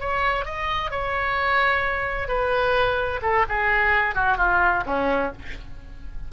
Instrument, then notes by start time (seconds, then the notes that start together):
oboe
0.00 C#5
0.45 D#5
0.91 C#5
2.28 B4
3.22 A4
3.49 G#4
4.15 F#4
4.37 F4
4.86 C#4